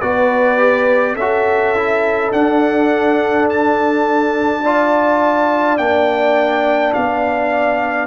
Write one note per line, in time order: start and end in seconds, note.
0.00 1.15 B3
0.00 0.58 F#4
0.00 1.15 B4
0.00 1.15 D5
0.58 1.16 G4
1.15 2.31 C#4
1.15 1.75 F#4
1.15 4.61 A4
1.15 2.31 E5
1.75 2.33 E4
2.32 5.78 D4
2.32 4.63 D4
2.32 3.48 F#5
3.49 5.77 A5
4.63 5.78 F4
4.63 8.06 D5
5.77 6.93 A#3
5.77 8.06 D4
5.77 6.93 G5
6.93 8.06 B3
6.93 8.06 F5